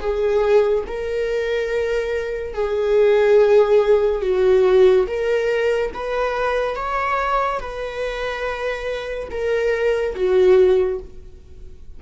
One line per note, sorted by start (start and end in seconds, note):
0.00 0.85 G#4
0.87 2.54 A#4
2.54 4.22 G#4
4.22 5.07 F#4
5.07 5.92 A#4
5.94 6.76 B4
6.76 7.60 C#5
7.60 9.29 B4
9.31 10.15 A#4
10.15 11.00 F#4